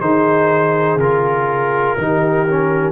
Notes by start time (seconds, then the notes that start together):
0.00 D#3 D#4 G#4 C5
0.95 C#3 F4 A#4
1.97 D#3 D#4 G4
2.48 C#4